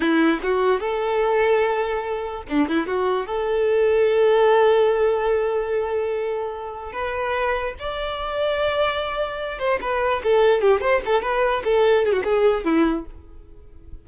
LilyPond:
\new Staff \with { instrumentName = "violin" } { \time 4/4 \tempo 4 = 147 e'4 fis'4 a'2~ | a'2 d'8 e'8 fis'4 | a'1~ | a'1~ |
a'4 b'2 d''4~ | d''2.~ d''8 c''8 | b'4 a'4 g'8 c''8 a'8 b'8~ | b'8 a'4 gis'16 fis'16 gis'4 e'4 | }